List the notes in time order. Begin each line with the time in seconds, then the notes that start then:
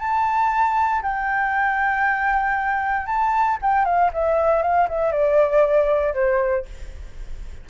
0.00 A5
1.03 G5
3.07 A5
3.62 G5
3.85 F5
4.13 E5
4.63 F5
4.89 E5
5.12 D5
6.14 C5